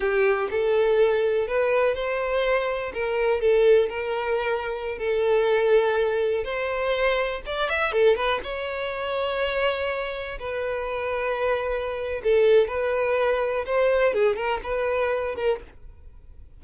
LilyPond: \new Staff \with { instrumentName = "violin" } { \time 4/4 \tempo 4 = 123 g'4 a'2 b'4 | c''2 ais'4 a'4 | ais'2~ ais'16 a'4.~ a'16~ | a'4~ a'16 c''2 d''8 e''16~ |
e''16 a'8 b'8 cis''2~ cis''8.~ | cis''4~ cis''16 b'2~ b'8.~ | b'4 a'4 b'2 | c''4 gis'8 ais'8 b'4. ais'8 | }